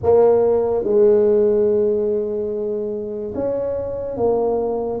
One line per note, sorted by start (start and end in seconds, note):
0.02 0.83 A#3
0.83 3.33 G#3
3.34 4.16 C#4
4.16 5.00 A#3